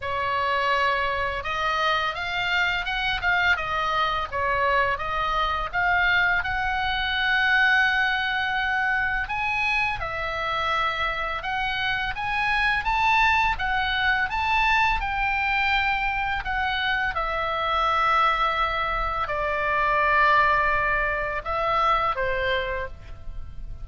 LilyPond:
\new Staff \with { instrumentName = "oboe" } { \time 4/4 \tempo 4 = 84 cis''2 dis''4 f''4 | fis''8 f''8 dis''4 cis''4 dis''4 | f''4 fis''2.~ | fis''4 gis''4 e''2 |
fis''4 gis''4 a''4 fis''4 | a''4 g''2 fis''4 | e''2. d''4~ | d''2 e''4 c''4 | }